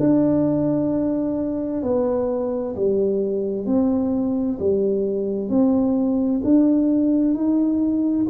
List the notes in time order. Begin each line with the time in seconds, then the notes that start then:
0.00 D4
1.83 B3
2.76 G3
3.66 C4
4.59 G3
5.49 C4
6.44 D4
7.34 D#4